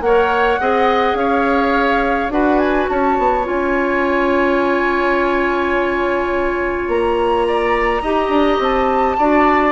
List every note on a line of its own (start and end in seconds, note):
0.00 0.57 A#3
0.00 0.60 A#4
0.00 0.60 C#5
0.00 1.16 F#5
0.60 1.13 C4
0.60 2.30 G#4
0.60 1.17 D#5
1.13 2.28 C#4
1.13 2.33 C#5
1.13 2.30 F5
2.29 2.87 D4
2.29 3.43 F#4
2.29 2.90 B4
2.29 2.58 F#5
2.58 2.87 G#5
2.89 3.18 C#4
2.89 7.47 C#5
2.89 3.46 A5
3.18 3.47 B3
3.43 6.88 C#4
3.43 8.00 F4
3.43 6.89 G#5
6.88 8.02 A#3
6.88 8.61 A#5
7.47 8.02 D5
8.02 8.29 D#4
8.02 9.18 G4
8.02 9.16 D#5
8.29 8.57 D4
8.59 9.16 C4
8.59 9.71 A5
9.18 9.71 D4
9.18 9.71 F#4
9.18 9.71 D5